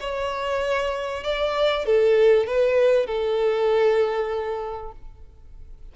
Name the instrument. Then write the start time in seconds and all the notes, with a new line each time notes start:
violin
0.00 C#5
1.23 D5
1.86 A4
2.47 B4
3.06 A4